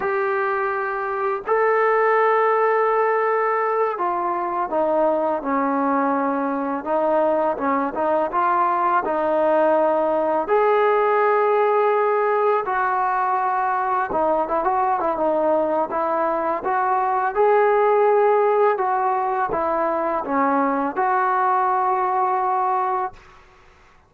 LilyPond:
\new Staff \with { instrumentName = "trombone" } { \time 4/4 \tempo 4 = 83 g'2 a'2~ | a'4. f'4 dis'4 cis'8~ | cis'4. dis'4 cis'8 dis'8 f'8~ | f'8 dis'2 gis'4.~ |
gis'4. fis'2 dis'8 | e'16 fis'8 e'16 dis'4 e'4 fis'4 | gis'2 fis'4 e'4 | cis'4 fis'2. | }